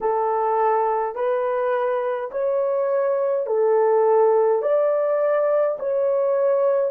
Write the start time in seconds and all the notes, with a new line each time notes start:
0.01 A4
1.15 B4
2.31 C#5
3.46 A4
4.62 D5
5.78 C#5